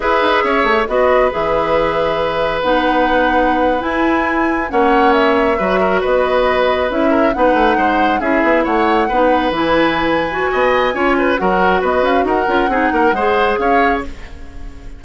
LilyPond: <<
  \new Staff \with { instrumentName = "flute" } { \time 4/4 \tempo 4 = 137 e''2 dis''4 e''4~ | e''2 fis''2~ | fis''8. gis''2 fis''4 e''16~ | e''4.~ e''16 dis''2 e''16~ |
e''8. fis''2 e''4 fis''16~ | fis''4.~ fis''16 gis''2~ gis''16~ | gis''2 fis''4 dis''8 f''8 | fis''2. f''4 | }
  \new Staff \with { instrumentName = "oboe" } { \time 4/4 b'4 cis''4 b'2~ | b'1~ | b'2~ b'8. cis''4~ cis''16~ | cis''8. b'8 ais'8 b'2~ b'16~ |
b'16 ais'8 b'4 c''4 gis'4 cis''16~ | cis''8. b'2.~ b'16 | dis''4 cis''8 b'8 ais'4 b'4 | ais'4 gis'8 ais'8 c''4 cis''4 | }
  \new Staff \with { instrumentName = "clarinet" } { \time 4/4 gis'2 fis'4 gis'4~ | gis'2 dis'2~ | dis'8. e'2 cis'4~ cis'16~ | cis'8. fis'2. e'16~ |
e'8. dis'2 e'4~ e'16~ | e'8. dis'4 e'4.~ e'16 fis'8~ | fis'4 f'4 fis'2~ | fis'8 f'8 dis'4 gis'2 | }
  \new Staff \with { instrumentName = "bassoon" } { \time 4/4 e'8 dis'8 cis'8 a8 b4 e4~ | e2 b2~ | b8. e'2 ais4~ ais16~ | ais8. fis4 b2 cis'16~ |
cis'8. b8 a8 gis4 cis'8 b8 a16~ | a8. b4 e2~ e16 | b4 cis'4 fis4 b8 cis'8 | dis'8 cis'8 c'8 ais8 gis4 cis'4 | }
>>